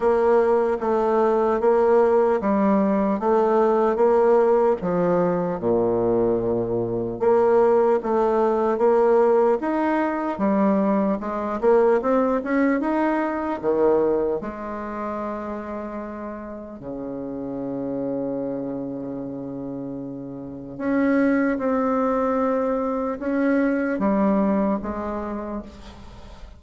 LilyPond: \new Staff \with { instrumentName = "bassoon" } { \time 4/4 \tempo 4 = 75 ais4 a4 ais4 g4 | a4 ais4 f4 ais,4~ | ais,4 ais4 a4 ais4 | dis'4 g4 gis8 ais8 c'8 cis'8 |
dis'4 dis4 gis2~ | gis4 cis2.~ | cis2 cis'4 c'4~ | c'4 cis'4 g4 gis4 | }